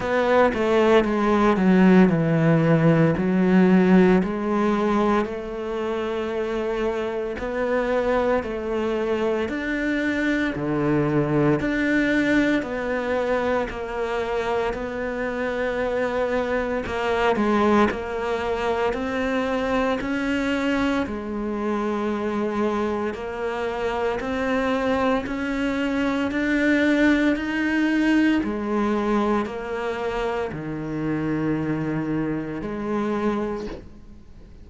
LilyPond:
\new Staff \with { instrumentName = "cello" } { \time 4/4 \tempo 4 = 57 b8 a8 gis8 fis8 e4 fis4 | gis4 a2 b4 | a4 d'4 d4 d'4 | b4 ais4 b2 |
ais8 gis8 ais4 c'4 cis'4 | gis2 ais4 c'4 | cis'4 d'4 dis'4 gis4 | ais4 dis2 gis4 | }